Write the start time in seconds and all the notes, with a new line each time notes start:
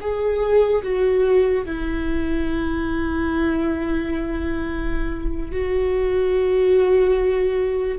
0.00 G#4
0.83 F#4
1.65 E4
5.51 F#4